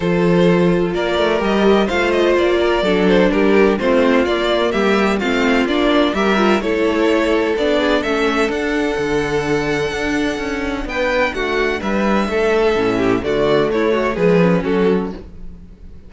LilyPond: <<
  \new Staff \with { instrumentName = "violin" } { \time 4/4 \tempo 4 = 127 c''2 d''4 dis''4 | f''8 dis''8 d''4. c''8 ais'4 | c''4 d''4 e''4 f''4 | d''4 e''4 cis''2 |
d''4 e''4 fis''2~ | fis''2. g''4 | fis''4 e''2. | d''4 cis''4 b'4 a'4 | }
  \new Staff \with { instrumentName = "violin" } { \time 4/4 a'2 ais'2 | c''4. ais'8 a'4 g'4 | f'2 g'4 f'4~ | f'4 ais'4 a'2~ |
a'8 gis'8 a'2.~ | a'2. b'4 | fis'4 b'4 a'4. g'8 | fis'4 e'8 fis'8 gis'4 fis'4 | }
  \new Staff \with { instrumentName = "viola" } { \time 4/4 f'2. g'4 | f'2 d'2 | c'4 ais2 c'4 | d'4 g'8 f'8 e'2 |
d'4 cis'4 d'2~ | d'1~ | d'2. cis'4 | a2 gis8 cis'4. | }
  \new Staff \with { instrumentName = "cello" } { \time 4/4 f2 ais8 a8 g4 | a4 ais4 fis4 g4 | a4 ais4 g4 a4 | ais4 g4 a2 |
b4 a4 d'4 d4~ | d4 d'4 cis'4 b4 | a4 g4 a4 a,4 | d4 a4 f4 fis4 | }
>>